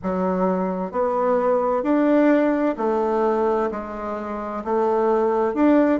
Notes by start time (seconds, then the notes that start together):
0.03 F#3
0.91 B3
1.83 D4
2.77 A3
3.71 G#3
4.64 A3
5.54 D4